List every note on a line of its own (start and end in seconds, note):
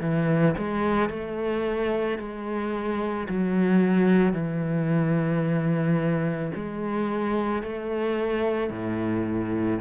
0.00 0.55 E3
0.58 1.09 G#3
1.09 2.18 A3
2.18 3.27 G#3
3.28 4.33 F#3
4.33 6.51 E3
6.55 7.62 G#3
7.62 8.70 A3
8.70 9.79 A2